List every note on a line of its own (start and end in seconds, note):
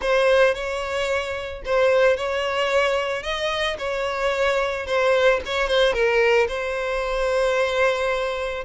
0.01 0.54 C5
0.54 1.62 C#5
1.65 2.16 C5
2.16 3.23 C#5
3.23 3.77 D#5
3.78 4.86 C#5
4.86 5.40 C5
5.45 5.67 C#5
5.67 5.93 C5
5.93 6.47 A#4
6.48 8.64 C5